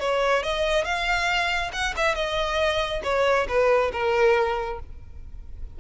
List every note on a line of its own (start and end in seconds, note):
0.00 0.43 C#5
0.43 0.85 D#5
0.85 1.72 F5
1.73 1.95 F#5
1.97 2.15 E5
2.15 3.02 D#5
3.04 3.47 C#5
3.48 3.92 B4
3.93 4.80 A#4